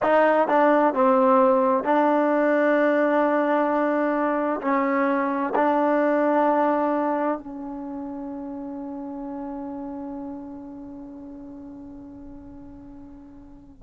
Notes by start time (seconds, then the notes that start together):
0.02 D#4
0.47 D4
0.94 C4
1.84 D4
4.61 C#4
5.55 D4
7.38 C#4